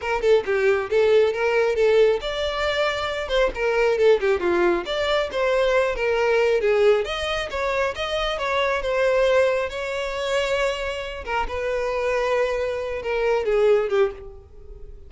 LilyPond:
\new Staff \with { instrumentName = "violin" } { \time 4/4 \tempo 4 = 136 ais'8 a'8 g'4 a'4 ais'4 | a'4 d''2~ d''8 c''8 | ais'4 a'8 g'8 f'4 d''4 | c''4. ais'4. gis'4 |
dis''4 cis''4 dis''4 cis''4 | c''2 cis''2~ | cis''4. ais'8 b'2~ | b'4. ais'4 gis'4 g'8 | }